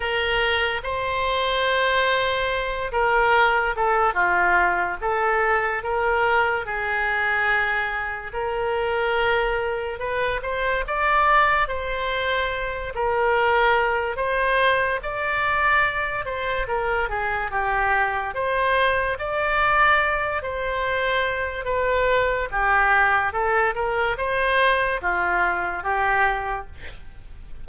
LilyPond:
\new Staff \with { instrumentName = "oboe" } { \time 4/4 \tempo 4 = 72 ais'4 c''2~ c''8 ais'8~ | ais'8 a'8 f'4 a'4 ais'4 | gis'2 ais'2 | b'8 c''8 d''4 c''4. ais'8~ |
ais'4 c''4 d''4. c''8 | ais'8 gis'8 g'4 c''4 d''4~ | d''8 c''4. b'4 g'4 | a'8 ais'8 c''4 f'4 g'4 | }